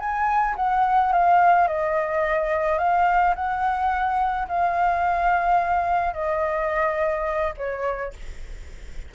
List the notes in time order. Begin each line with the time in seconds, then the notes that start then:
0.00 G#5
0.57 F#5
1.13 F5
1.68 D#5
2.79 F5
3.36 F#5
4.49 F5
6.14 D#5
7.58 C#5